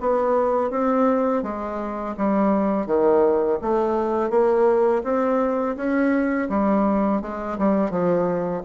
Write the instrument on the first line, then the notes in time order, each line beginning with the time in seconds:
bassoon
0.00 B3
0.70 C4
1.43 G#3
2.17 G3
2.86 D#3
3.61 A3
4.30 A#3
5.03 C4
5.76 C#4
6.49 G3
7.21 G#3
7.58 G3
7.90 F3